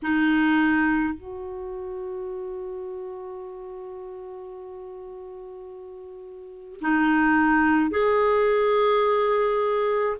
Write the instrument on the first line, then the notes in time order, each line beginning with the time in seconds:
clarinet
0.02 D#4
1.13 F#4
6.81 D#4
7.91 G#4